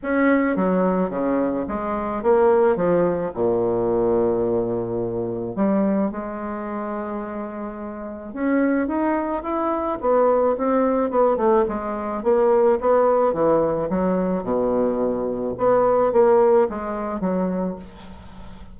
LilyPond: \new Staff \with { instrumentName = "bassoon" } { \time 4/4 \tempo 4 = 108 cis'4 fis4 cis4 gis4 | ais4 f4 ais,2~ | ais,2 g4 gis4~ | gis2. cis'4 |
dis'4 e'4 b4 c'4 | b8 a8 gis4 ais4 b4 | e4 fis4 b,2 | b4 ais4 gis4 fis4 | }